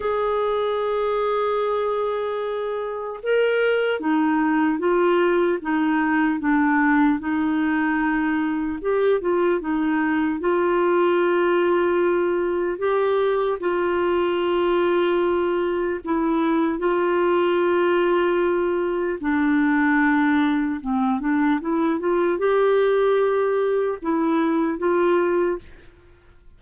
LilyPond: \new Staff \with { instrumentName = "clarinet" } { \time 4/4 \tempo 4 = 75 gis'1 | ais'4 dis'4 f'4 dis'4 | d'4 dis'2 g'8 f'8 | dis'4 f'2. |
g'4 f'2. | e'4 f'2. | d'2 c'8 d'8 e'8 f'8 | g'2 e'4 f'4 | }